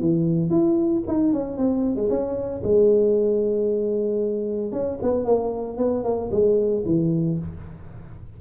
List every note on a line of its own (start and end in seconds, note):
0.00 0.50 E3
0.50 1.03 E4
1.07 1.33 D#4
1.33 1.57 C#4
1.57 1.96 C4
1.96 2.09 G#3
2.09 2.62 C#4
2.63 4.72 G#3
4.72 4.99 C#4
5.02 5.25 B3
5.25 5.77 A#3
5.77 6.04 B3
6.04 6.30 A#3
6.31 6.84 G#3
6.85 7.38 E3